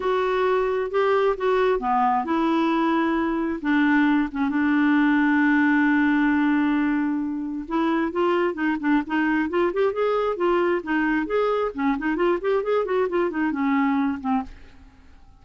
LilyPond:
\new Staff \with { instrumentName = "clarinet" } { \time 4/4 \tempo 4 = 133 fis'2 g'4 fis'4 | b4 e'2. | d'4. cis'8 d'2~ | d'1~ |
d'4 e'4 f'4 dis'8 d'8 | dis'4 f'8 g'8 gis'4 f'4 | dis'4 gis'4 cis'8 dis'8 f'8 g'8 | gis'8 fis'8 f'8 dis'8 cis'4. c'8 | }